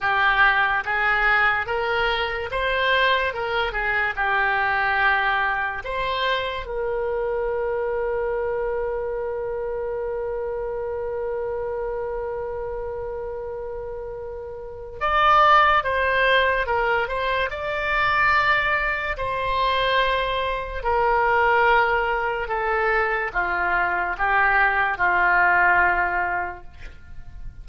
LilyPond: \new Staff \with { instrumentName = "oboe" } { \time 4/4 \tempo 4 = 72 g'4 gis'4 ais'4 c''4 | ais'8 gis'8 g'2 c''4 | ais'1~ | ais'1~ |
ais'2 d''4 c''4 | ais'8 c''8 d''2 c''4~ | c''4 ais'2 a'4 | f'4 g'4 f'2 | }